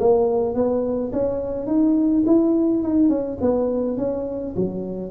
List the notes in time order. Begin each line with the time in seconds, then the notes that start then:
0.00 A#3
0.55 B3
1.13 C#4
1.67 D#4
2.26 E4
2.83 D#4
3.09 C#4
3.41 B3
3.98 C#4
4.56 F#3